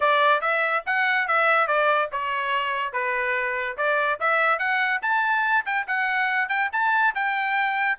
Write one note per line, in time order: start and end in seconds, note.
0.00 0.41 D5
0.41 0.83 E5
0.85 1.27 F#5
1.27 1.67 E5
1.67 2.09 D5
2.12 2.93 C#5
2.93 3.76 B4
3.77 4.19 D5
4.20 4.58 E5
4.58 5.00 F#5
5.02 5.65 A5
5.65 5.86 G5
5.87 6.48 F#5
6.48 6.69 G5
6.72 7.14 A5
7.14 7.98 G5